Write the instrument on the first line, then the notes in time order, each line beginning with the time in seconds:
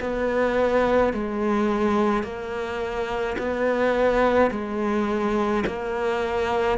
cello
0.00 B3
1.13 G#3
2.23 A#3
3.38 B3
4.51 G#3
5.67 A#3